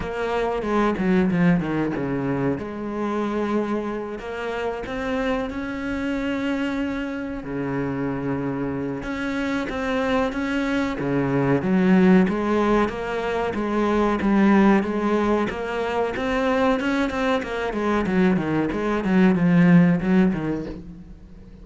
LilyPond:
\new Staff \with { instrumentName = "cello" } { \time 4/4 \tempo 4 = 93 ais4 gis8 fis8 f8 dis8 cis4 | gis2~ gis8 ais4 c'8~ | c'8 cis'2. cis8~ | cis2 cis'4 c'4 |
cis'4 cis4 fis4 gis4 | ais4 gis4 g4 gis4 | ais4 c'4 cis'8 c'8 ais8 gis8 | fis8 dis8 gis8 fis8 f4 fis8 dis8 | }